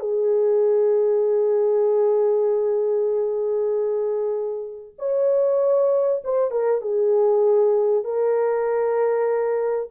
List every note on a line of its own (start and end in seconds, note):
0.00 4.95 G#4
4.99 6.23 C#5
6.25 6.51 C5
6.51 6.82 A#4
6.82 8.04 G#4
8.04 9.90 A#4